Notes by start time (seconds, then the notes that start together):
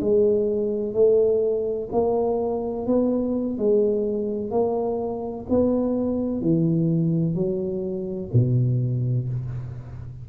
0.00 G#3
0.94 A3
1.92 A#3
2.86 B3
3.58 G#3
4.50 A#3
5.49 B3
6.41 E3
7.35 F#3
8.33 B2